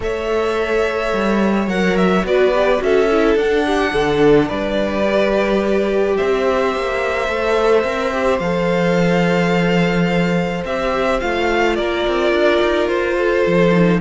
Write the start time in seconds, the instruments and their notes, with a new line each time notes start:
0.00 cello A3, viola A4, violin C#5 E5
1.13 cello G3
1.67 cello F#3, viola A#4, violin F#5
1.96 violin E5
2.24 cello B3, viola F#4, violin B4 D5
2.53 viola G4
2.78 cello C#4, viola F#4, violin A4 E5
3.10 viola E4
3.35 cello D4, viola D4, violin F#5
3.66 violin G4
3.93 cello D3, violin A4
4.48 cello G3, violin B4 D5
5.02 viola G4
6.16 cello C4, violin C5 E5
6.76 cello A#3
7.28 cello A3, viola A4
7.84 cello C4, viola A#4
8.12 viola G4
8.39 cello F3, viola A4, violin F5
10.64 cello C4, viola G4, violin E5
11.20 cello A3, viola F4, violin F5
11.75 cello A#3, violin A#4 D5
12.07 cello C4
12.32 cello D4
12.61 cello D#4
12.88 cello F4, violin C5
13.17 violin A4
13.46 cello F3
13.72 viola D#4